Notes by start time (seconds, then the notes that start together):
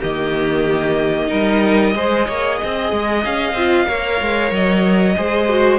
0.00 D#3 A#3 G4 D#5
1.28 G3 D#4 A#4
1.96 G#3 G#4 C5
2.27 A#3 C#5
2.59 C4 D#5
2.92 G#3
3.25 C#4 F5
3.54 C4 F4
3.87 A#3 A#4 C#5
4.22 G#3
4.52 F#3 D#5
5.17 G#3 G#4 C5
5.49 F#4